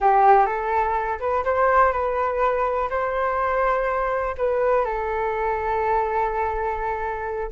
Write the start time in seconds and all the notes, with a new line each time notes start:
0.00 G4
0.46 A4
1.19 B4
1.44 C5
1.92 B4
2.89 C5
4.37 B4
4.85 A4